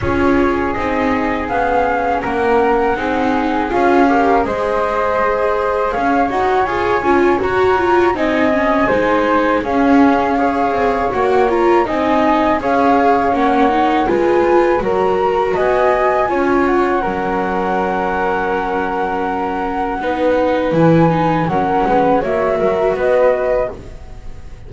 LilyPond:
<<
  \new Staff \with { instrumentName = "flute" } { \time 4/4 \tempo 4 = 81 cis''4 dis''4 f''4 fis''4~ | fis''4 f''4 dis''2 | f''8 fis''8 gis''4 ais''4 gis''4~ | gis''4 f''2 fis''8 ais''8 |
gis''4 f''4 fis''4 gis''4 | ais''4 gis''4. fis''4.~ | fis''1 | gis''4 fis''4 e''4 dis''4 | }
  \new Staff \with { instrumentName = "flute" } { \time 4/4 gis'2. ais'4 | gis'4. ais'8 c''2 | cis''2. dis''4 | c''4 gis'4 cis''2 |
dis''4 cis''2 b'4 | ais'4 dis''4 cis''4 ais'4~ | ais'2. b'4~ | b'4 ais'8 b'8 cis''8 ais'8 b'4 | }
  \new Staff \with { instrumentName = "viola" } { \time 4/4 f'4 dis'4 cis'2 | dis'4 f'8 g'8 gis'2~ | gis'8 fis'8 gis'8 f'8 fis'8 f'8 dis'8 cis'8 | dis'4 cis'4 gis'4 fis'8 f'8 |
dis'4 gis'4 cis'8 dis'8 f'4 | fis'2 f'4 cis'4~ | cis'2. dis'4 | e'8 dis'8 cis'4 fis'2 | }
  \new Staff \with { instrumentName = "double bass" } { \time 4/4 cis'4 c'4 b4 ais4 | c'4 cis'4 gis2 | cis'8 dis'8 f'8 cis'8 fis'4 c'4 | gis4 cis'4. c'8 ais4 |
c'4 cis'4 ais4 gis4 | fis4 b4 cis'4 fis4~ | fis2. b4 | e4 fis8 gis8 ais8 fis8 b4 | }
>>